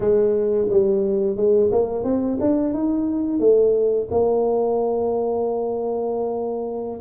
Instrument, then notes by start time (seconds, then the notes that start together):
tuba
0.00 G#3
0.69 G3
1.36 G#3
1.71 A#3
2.04 C4
2.40 D4
2.73 D#4
3.39 A3
4.10 A#3